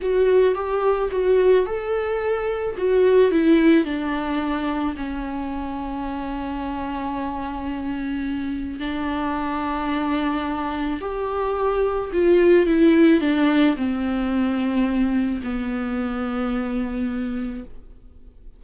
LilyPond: \new Staff \with { instrumentName = "viola" } { \time 4/4 \tempo 4 = 109 fis'4 g'4 fis'4 a'4~ | a'4 fis'4 e'4 d'4~ | d'4 cis'2.~ | cis'1 |
d'1 | g'2 f'4 e'4 | d'4 c'2. | b1 | }